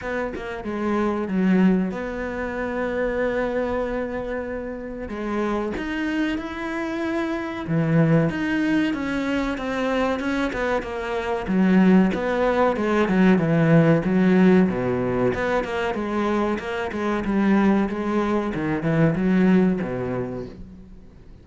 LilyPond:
\new Staff \with { instrumentName = "cello" } { \time 4/4 \tempo 4 = 94 b8 ais8 gis4 fis4 b4~ | b1 | gis4 dis'4 e'2 | e4 dis'4 cis'4 c'4 |
cis'8 b8 ais4 fis4 b4 | gis8 fis8 e4 fis4 b,4 | b8 ais8 gis4 ais8 gis8 g4 | gis4 dis8 e8 fis4 b,4 | }